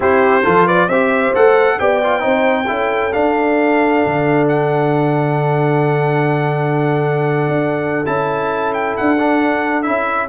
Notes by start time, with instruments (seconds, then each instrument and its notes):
0.00 tuba C4, trombone E4, horn G4, trumpet C5
0.43 tuba F3, trombone F4, horn A4
0.65 horn B4, trumpet D5
0.88 tuba C4, trombone G4, horn C5, trumpet E5
1.34 tuba A3, trombone A4, trumpet F#5
1.79 tuba B3, trombone G4, horn D5, trumpet G5
2.03 trombone F4
2.20 tuba C4, trombone D#4, horn C5
2.67 tuba C#4, trombone E4, horn A4
3.12 trombone D4, tuba D4, trumpet F5
4.06 tuba D3
4.48 trumpet F#5
7.47 tuba D4
8.05 tuba C#4, trombone E4, trumpet A5
8.73 trumpet G5
8.96 tuba D4, trumpet F#5
9.18 trombone D4
9.82 tuba C#4, trombone E4, trumpet E5